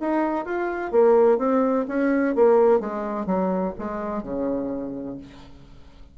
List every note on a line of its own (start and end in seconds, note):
0.00 0.45 D#4
0.45 0.91 F4
0.91 1.38 A#3
1.38 1.85 C4
1.88 2.35 C#4
2.35 2.80 A#3
2.80 3.26 G#3
3.26 3.73 F#3
3.78 4.23 G#3
4.23 5.17 C#3